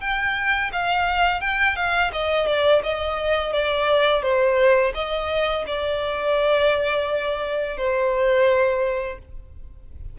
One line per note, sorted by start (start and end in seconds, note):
0.00 0.71 G5
0.72 1.41 F5
1.41 1.76 G5
1.76 2.11 F5
2.12 2.47 D#5
2.47 2.82 D5
2.83 3.53 D#5
3.53 4.22 D5
4.22 4.93 C5
4.94 5.65 D#5
5.66 7.77 D5
7.77 9.18 C5